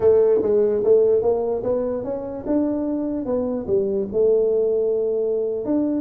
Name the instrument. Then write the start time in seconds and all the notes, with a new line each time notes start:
tuba
0.00 A3
0.42 G#3
0.84 A3
1.22 A#3
1.63 B3
2.04 C#4
2.46 D4
3.25 B3
3.66 G3
4.12 A3
5.65 D4